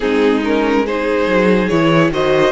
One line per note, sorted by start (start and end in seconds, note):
0.00 1.26 G#3
0.00 0.41 C4
0.00 0.85 D#4
0.00 0.41 G#4
0.43 0.85 C#4
0.43 0.86 A#4
0.85 1.70 D#4
0.85 2.12 G#4
0.85 1.68 C5
1.26 1.69 F#3
1.68 2.10 E3
1.68 2.12 E4
1.68 2.10 C#5
2.10 2.51 D#3
2.10 2.51 F#4
2.10 2.51 C5
2.10 2.51 D#5